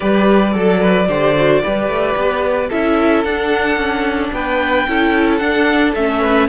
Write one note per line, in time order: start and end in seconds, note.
0.00 0.54 G3
0.00 0.52 G4
0.00 0.54 B4
0.00 2.70 D5
0.52 1.08 F#3
0.52 1.06 A4
0.52 0.80 A4
0.80 1.07 B4
1.08 1.62 D3
1.08 1.35 G4
1.08 1.62 C5
1.36 1.63 F#4
1.63 1.88 G3
1.63 2.71 G4
1.63 2.68 B4
1.88 2.15 A3
2.15 2.69 B3
2.68 3.24 C#4
2.68 3.25 E4
2.68 4.30 A4
2.68 3.24 E5
3.24 3.76 D4
3.24 4.87 D4
3.24 4.32 F#5
3.76 4.30 C#4
4.32 4.86 B3
4.32 4.88 B4
4.32 5.37 G5
4.87 5.41 C#4
4.87 5.40 E4
4.87 6.21 A4
5.37 5.94 D4
5.37 5.95 D4
5.37 5.91 F#5
5.95 6.48 A3
5.95 6.48 C#4
5.95 6.48 E5
6.21 6.48 B4